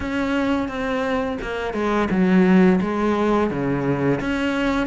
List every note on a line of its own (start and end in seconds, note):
0.00 0.68 C#4
0.68 1.38 C4
1.41 1.73 A#3
1.73 2.08 G#3
2.10 2.80 F#3
2.81 3.50 G#3
3.50 4.20 C#3
4.20 4.86 C#4